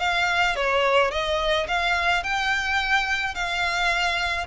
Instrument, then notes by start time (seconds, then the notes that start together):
violin
0.00 F5
0.56 C#5
1.11 D#5
1.68 F5
2.24 G5
3.35 F5